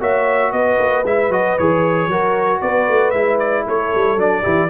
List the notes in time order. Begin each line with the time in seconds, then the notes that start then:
0.00 A#3 F#4 C#5 E5
0.52 B3 B4 D#5
0.78 A#3
1.03 G#3 E4 E5
1.29 F#3 F#4 D#5
1.58 E3 G#4 C#5
2.07 F#3 F#4 A#4
2.60 B3 B4 D5
2.88 A3
3.11 G#3 E4 E5
3.39 D5
3.65 A3 A4 C#5
3.94 G3
4.16 F#3 D4 D5
4.42 E3 E4 G4